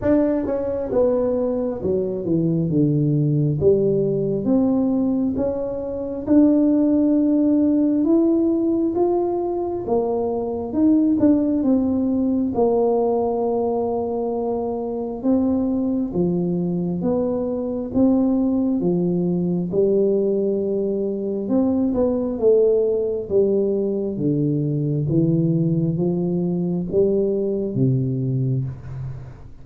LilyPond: \new Staff \with { instrumentName = "tuba" } { \time 4/4 \tempo 4 = 67 d'8 cis'8 b4 fis8 e8 d4 | g4 c'4 cis'4 d'4~ | d'4 e'4 f'4 ais4 | dis'8 d'8 c'4 ais2~ |
ais4 c'4 f4 b4 | c'4 f4 g2 | c'8 b8 a4 g4 d4 | e4 f4 g4 c4 | }